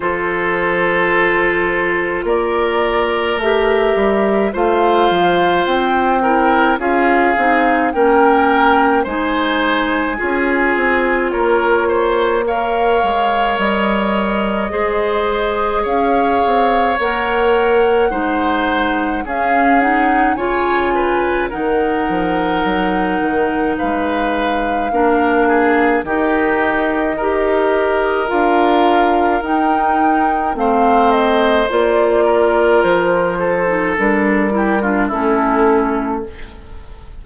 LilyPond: <<
  \new Staff \with { instrumentName = "flute" } { \time 4/4 \tempo 4 = 53 c''2 d''4 e''4 | f''4 g''4 f''4 g''4 | gis''2 cis''4 f''4 | dis''2 f''4 fis''4~ |
fis''4 f''8 fis''8 gis''4 fis''4~ | fis''4 f''2 dis''4~ | dis''4 f''4 g''4 f''8 dis''8 | d''4 c''4 ais'4 a'4 | }
  \new Staff \with { instrumentName = "oboe" } { \time 4/4 a'2 ais'2 | c''4. ais'8 gis'4 ais'4 | c''4 gis'4 ais'8 c''8 cis''4~ | cis''4 c''4 cis''2 |
c''4 gis'4 cis''8 b'8 ais'4~ | ais'4 b'4 ais'8 gis'8 g'4 | ais'2. c''4~ | c''8 ais'4 a'4 g'16 f'16 e'4 | }
  \new Staff \with { instrumentName = "clarinet" } { \time 4/4 f'2. g'4 | f'4. e'8 f'8 dis'8 cis'4 | dis'4 f'2 ais'4~ | ais'4 gis'2 ais'4 |
dis'4 cis'8 dis'8 f'4 dis'4~ | dis'2 d'4 dis'4 | g'4 f'4 dis'4 c'4 | f'4.~ f'16 dis'16 d'8 e'16 d'16 cis'4 | }
  \new Staff \with { instrumentName = "bassoon" } { \time 4/4 f2 ais4 a8 g8 | a8 f8 c'4 cis'8 c'8 ais4 | gis4 cis'8 c'8 ais4. gis8 | g4 gis4 cis'8 c'8 ais4 |
gis4 cis'4 cis4 dis8 f8 | fis8 dis8 gis4 ais4 dis4 | dis'4 d'4 dis'4 a4 | ais4 f4 g4 a4 | }
>>